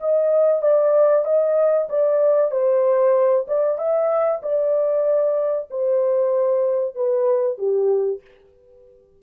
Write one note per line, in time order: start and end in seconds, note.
0.00 0.62 D#5
0.62 1.25 D5
1.25 1.88 D#5
1.89 2.51 D5
2.51 3.46 C5
3.48 3.78 D5
3.78 4.41 E5
4.42 5.69 D5
5.70 6.95 C5
6.95 7.58 B4
7.58 8.21 G4